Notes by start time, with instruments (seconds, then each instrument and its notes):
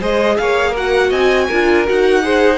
0.00 cello G#3, viola G#4, violin C5 D#5
0.37 cello A#3, violin C#5 F5
0.71 violin A#4
0.77 viola F#4, violin F#5
1.10 cello C4, violin D#5 G#5
1.47 cello D4, viola F4, violin A#4
1.87 cello D#4, viola F#4, violin F#5
2.23 viola G#4, violin C5